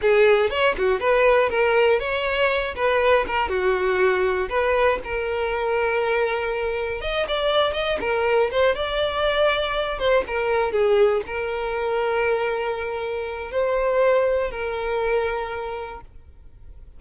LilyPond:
\new Staff \with { instrumentName = "violin" } { \time 4/4 \tempo 4 = 120 gis'4 cis''8 fis'8 b'4 ais'4 | cis''4. b'4 ais'8 fis'4~ | fis'4 b'4 ais'2~ | ais'2 dis''8 d''4 dis''8 |
ais'4 c''8 d''2~ d''8 | c''8 ais'4 gis'4 ais'4.~ | ais'2. c''4~ | c''4 ais'2. | }